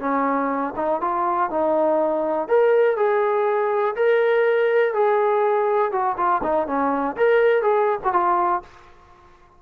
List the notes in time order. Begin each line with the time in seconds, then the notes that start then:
0.00 C#4
0.76 D#4
1.01 F4
1.50 D#4
2.48 A#4
2.97 G#4
3.96 A#4
4.94 G#4
5.92 F#4
6.17 F4
6.43 D#4
6.67 C#4
7.17 A#4
7.62 G#4
8.04 F#4
8.13 F4